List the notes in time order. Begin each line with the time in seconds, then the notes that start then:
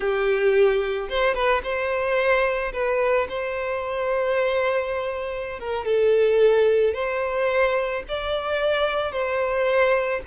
0.00 G4
1.09 C5
1.34 B4
1.63 C5
2.72 B4
3.29 C5
5.59 A#4
5.85 A4
6.94 C5
8.08 D5
9.11 C5